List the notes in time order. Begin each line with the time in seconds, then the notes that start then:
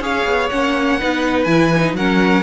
0.00 C#4 G#4 C#5 F5
0.25 B3
0.49 A#3 C#4 F#5
1.00 B3 D#4 B4
1.44 E3 E4 G#5
1.76 D#4
1.94 F#3 C#4 A#4 F#5